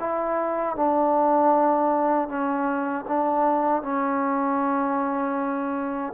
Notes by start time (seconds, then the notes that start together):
0.00 E4
0.76 D4
2.29 C#4
3.08 D4
3.83 C#4